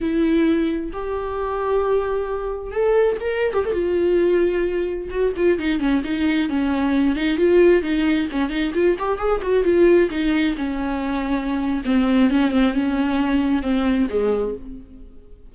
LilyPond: \new Staff \with { instrumentName = "viola" } { \time 4/4 \tempo 4 = 132 e'2 g'2~ | g'2 a'4 ais'8. g'16 | a'16 f'2. fis'8 f'16~ | f'16 dis'8 cis'8 dis'4 cis'4. dis'16~ |
dis'16 f'4 dis'4 cis'8 dis'8 f'8 g'16~ | g'16 gis'8 fis'8 f'4 dis'4 cis'8.~ | cis'2 c'4 cis'8 c'8 | cis'2 c'4 gis4 | }